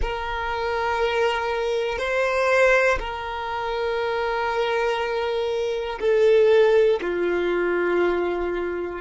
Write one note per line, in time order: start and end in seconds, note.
0.01 1.98 A#4
1.98 2.98 C5
2.99 5.99 A#4
6.00 7.00 A4
7.01 9.01 F4